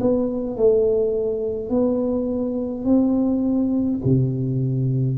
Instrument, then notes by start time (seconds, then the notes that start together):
tuba
0.00 B3
0.56 A3
1.69 B3
2.84 C4
4.04 C3